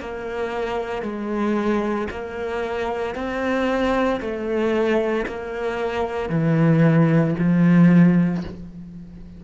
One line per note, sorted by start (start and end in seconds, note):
0.00 1.02 A#3
1.02 2.07 G#3
2.10 3.15 A#3
3.15 4.20 C4
4.21 5.26 A3
5.26 6.29 A#3
6.29 7.34 E3
7.38 8.44 F3